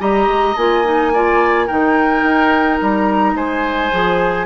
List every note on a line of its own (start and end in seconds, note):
0.00 0.28 G3
0.00 0.56 G4
0.00 1.13 D#5
0.00 0.57 A#5
0.28 0.56 G#3
0.57 1.70 A#3
0.57 0.85 F4
0.57 1.67 G#5
0.85 1.13 D#4
1.14 1.69 F4
1.14 1.67 D5
1.67 2.23 D#3
1.67 3.92 D#4
1.67 3.35 A#4
1.67 2.79 G5
2.23 2.80 D#4
2.82 3.35 G3
2.82 3.37 A#5
3.35 3.91 G#3
3.35 4.46 C5
3.35 4.46 G#5
3.92 4.46 F3
3.92 4.46 G#4